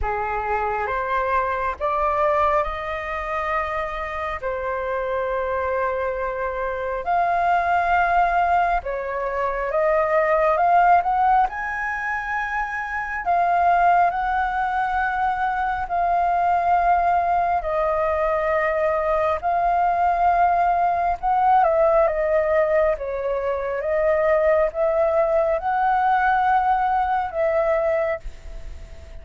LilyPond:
\new Staff \with { instrumentName = "flute" } { \time 4/4 \tempo 4 = 68 gis'4 c''4 d''4 dis''4~ | dis''4 c''2. | f''2 cis''4 dis''4 | f''8 fis''8 gis''2 f''4 |
fis''2 f''2 | dis''2 f''2 | fis''8 e''8 dis''4 cis''4 dis''4 | e''4 fis''2 e''4 | }